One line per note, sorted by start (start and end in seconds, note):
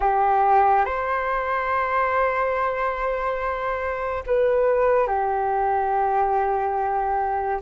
0.00 0.85 G4
0.85 4.23 C5
4.26 5.07 B4
5.07 7.60 G4